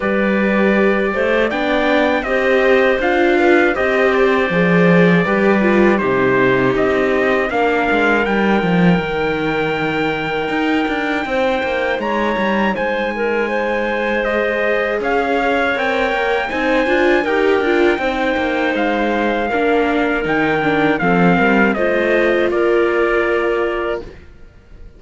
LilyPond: <<
  \new Staff \with { instrumentName = "trumpet" } { \time 4/4 \tempo 4 = 80 d''2 g''4 dis''4 | f''4 dis''8 d''2~ d''8 | c''4 dis''4 f''4 g''4~ | g''1 |
ais''4 gis''2 dis''4 | f''4 g''4 gis''4 g''4~ | g''4 f''2 g''4 | f''4 dis''4 d''2 | }
  \new Staff \with { instrumentName = "clarinet" } { \time 4/4 b'4. c''8 d''4 c''4~ | c''8 b'8 c''2 b'4 | g'2 ais'2~ | ais'2. c''4 |
cis''4 c''8 ais'8 c''2 | cis''2 c''4 ais'4 | c''2 ais'2 | a'8 ais'8 c''4 ais'2 | }
  \new Staff \with { instrumentName = "viola" } { \time 4/4 g'2 d'4 g'4 | f'4 g'4 gis'4 g'8 f'8 | dis'2 d'4 dis'4~ | dis'1~ |
dis'2. gis'4~ | gis'4 ais'4 dis'8 f'8 g'8 f'8 | dis'2 d'4 dis'8 d'8 | c'4 f'2. | }
  \new Staff \with { instrumentName = "cello" } { \time 4/4 g4. a8 b4 c'4 | d'4 c'4 f4 g4 | c4 c'4 ais8 gis8 g8 f8 | dis2 dis'8 d'8 c'8 ais8 |
gis8 g8 gis2. | cis'4 c'8 ais8 c'8 d'8 dis'8 d'8 | c'8 ais8 gis4 ais4 dis4 | f8 g8 a4 ais2 | }
>>